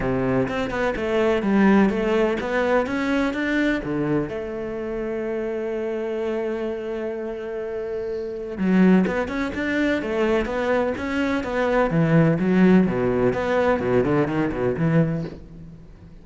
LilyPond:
\new Staff \with { instrumentName = "cello" } { \time 4/4 \tempo 4 = 126 c4 c'8 b8 a4 g4 | a4 b4 cis'4 d'4 | d4 a2.~ | a1~ |
a2 fis4 b8 cis'8 | d'4 a4 b4 cis'4 | b4 e4 fis4 b,4 | b4 b,8 d8 dis8 b,8 e4 | }